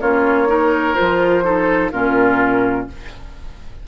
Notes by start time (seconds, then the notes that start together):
0.00 A#3 C#4 F4 C#5
0.47 D#4 A#4
0.94 F3 F4 C5
1.44 D#4 A4
1.92 A#2 C#4 F4 A#4